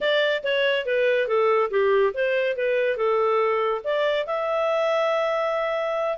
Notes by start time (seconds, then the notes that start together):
0.00 D5
0.43 C#5
0.85 B4
1.27 A4
1.70 G4
2.14 C5
2.55 B4
2.96 A4
3.84 D5
4.26 E5